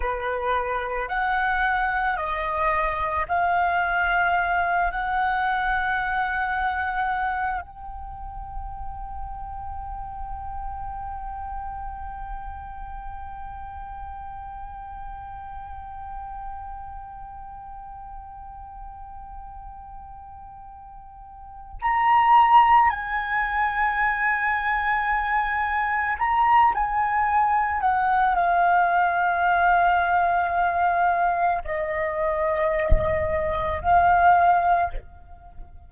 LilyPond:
\new Staff \with { instrumentName = "flute" } { \time 4/4 \tempo 4 = 55 b'4 fis''4 dis''4 f''4~ | f''8 fis''2~ fis''8 g''4~ | g''1~ | g''1~ |
g''1 | ais''4 gis''2. | ais''8 gis''4 fis''8 f''2~ | f''4 dis''2 f''4 | }